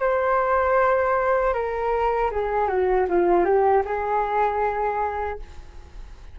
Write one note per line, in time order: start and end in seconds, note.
0.00 1.53 C5
1.53 2.30 A#4
2.31 2.68 G#4
2.68 3.07 F#4
3.09 3.45 F4
3.45 3.83 G4
3.85 5.39 G#4